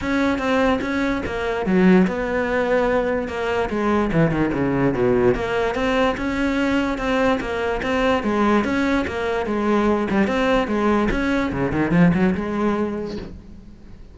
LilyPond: \new Staff \with { instrumentName = "cello" } { \time 4/4 \tempo 4 = 146 cis'4 c'4 cis'4 ais4 | fis4 b2. | ais4 gis4 e8 dis8 cis4 | b,4 ais4 c'4 cis'4~ |
cis'4 c'4 ais4 c'4 | gis4 cis'4 ais4 gis4~ | gis8 g8 c'4 gis4 cis'4 | cis8 dis8 f8 fis8 gis2 | }